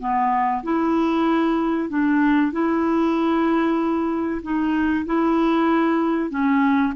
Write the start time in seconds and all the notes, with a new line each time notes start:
0.00 B3
0.63 E4
1.90 D4
2.53 E4
4.43 D#4
5.06 E4
6.30 C#4